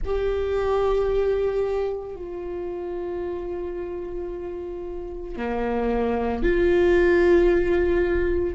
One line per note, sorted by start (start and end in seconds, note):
0.04 2.16 G4
2.16 5.36 F4
5.36 6.42 A#3
6.42 8.55 F4